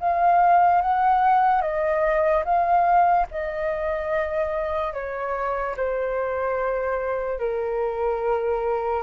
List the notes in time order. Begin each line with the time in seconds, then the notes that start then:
0.00 F5
0.81 F#5
1.62 D#5
2.45 F5
3.31 D#5
4.94 C#5
5.77 C5
7.39 A#4